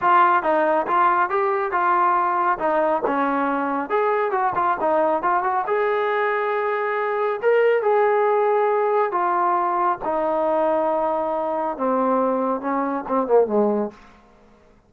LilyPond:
\new Staff \with { instrumentName = "trombone" } { \time 4/4 \tempo 4 = 138 f'4 dis'4 f'4 g'4 | f'2 dis'4 cis'4~ | cis'4 gis'4 fis'8 f'8 dis'4 | f'8 fis'8 gis'2.~ |
gis'4 ais'4 gis'2~ | gis'4 f'2 dis'4~ | dis'2. c'4~ | c'4 cis'4 c'8 ais8 gis4 | }